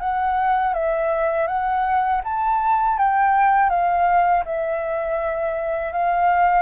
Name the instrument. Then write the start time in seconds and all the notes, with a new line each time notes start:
flute
0.00 F#5
0.74 E5
1.47 F#5
2.24 A5
2.98 G5
3.70 F5
4.45 E5
5.92 F5